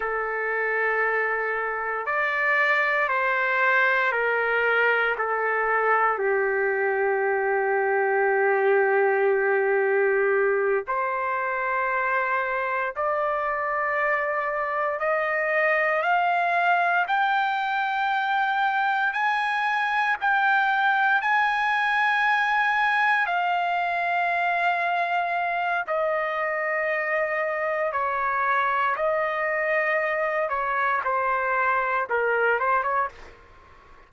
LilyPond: \new Staff \with { instrumentName = "trumpet" } { \time 4/4 \tempo 4 = 58 a'2 d''4 c''4 | ais'4 a'4 g'2~ | g'2~ g'8 c''4.~ | c''8 d''2 dis''4 f''8~ |
f''8 g''2 gis''4 g''8~ | g''8 gis''2 f''4.~ | f''4 dis''2 cis''4 | dis''4. cis''8 c''4 ais'8 c''16 cis''16 | }